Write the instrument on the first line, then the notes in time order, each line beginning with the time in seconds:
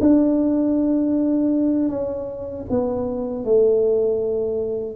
tuba
0.00 D4
1.89 C#4
2.70 B3
3.44 A3